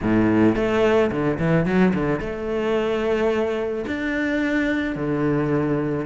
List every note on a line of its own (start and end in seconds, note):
0.02 0.55 A2
0.55 1.10 A3
1.11 1.38 D3
1.39 1.65 E3
1.65 1.93 F#3
1.94 2.20 D3
2.20 3.85 A3
3.87 4.95 D4
4.95 6.05 D3